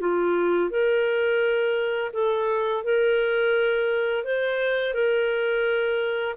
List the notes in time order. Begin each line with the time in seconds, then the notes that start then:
0.00 F4
0.70 A#4
2.13 A4
2.83 A#4
4.24 C5
4.93 A#4